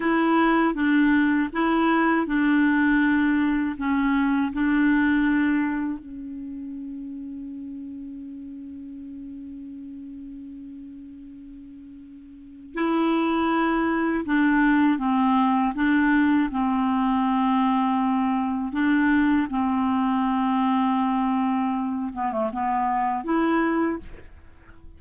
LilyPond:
\new Staff \with { instrumentName = "clarinet" } { \time 4/4 \tempo 4 = 80 e'4 d'4 e'4 d'4~ | d'4 cis'4 d'2 | cis'1~ | cis'1~ |
cis'4 e'2 d'4 | c'4 d'4 c'2~ | c'4 d'4 c'2~ | c'4. b16 a16 b4 e'4 | }